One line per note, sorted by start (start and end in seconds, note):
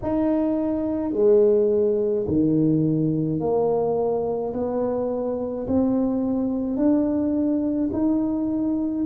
0.02 1.12 D#4
1.12 2.25 G#3
2.27 3.40 D#3
3.40 4.53 A#3
4.53 5.67 B3
5.67 6.76 C4
6.76 7.89 D4
7.92 9.05 D#4